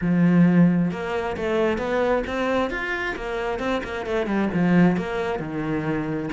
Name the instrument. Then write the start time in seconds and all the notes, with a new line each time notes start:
cello
0.01 F3
0.91 A#3
1.36 A3
1.78 B3
2.26 C4
2.70 F4
3.16 A#3
3.59 C4
3.83 A#3
4.06 A3
4.26 G3
4.53 F3
4.96 A#3
5.39 D#3